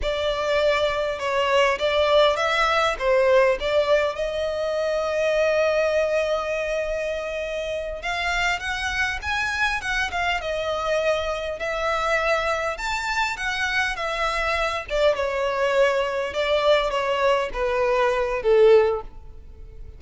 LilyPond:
\new Staff \with { instrumentName = "violin" } { \time 4/4 \tempo 4 = 101 d''2 cis''4 d''4 | e''4 c''4 d''4 dis''4~ | dis''1~ | dis''4. f''4 fis''4 gis''8~ |
gis''8 fis''8 f''8 dis''2 e''8~ | e''4. a''4 fis''4 e''8~ | e''4 d''8 cis''2 d''8~ | d''8 cis''4 b'4. a'4 | }